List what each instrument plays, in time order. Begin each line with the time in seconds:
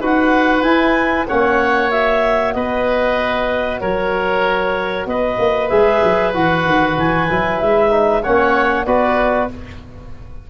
0.00 tuba D#4, trombone F#4, oboe B4, clarinet F#5
0.63 tuba E4, trombone E4, clarinet G#5
1.28 tuba A#3, trombone C#4, oboe C#5, clarinet F#5
1.91 trombone F#4, clarinet E5
2.53 tuba B3, oboe B4, clarinet D#5
3.80 tuba F#3, oboe A#4, clarinet C#5
5.06 tuba B3, oboe B4, clarinet D#5
5.38 tuba A#3
5.69 tuba G#3, trombone G#4, clarinet E5
6.04 tuba F#3
6.34 tuba E3, trombone F#4, clarinet F#5
6.65 tuba D#3
6.98 tuba E3, clarinet G#5
7.29 tuba F#3, trombone E4
7.60 tuba G#3, clarinet E5
7.90 trombone D#4
8.23 tuba A#3, trombone C#4, oboe C#5, clarinet F#5
8.85 tuba B3, trombone F#4, oboe B4, clarinet D5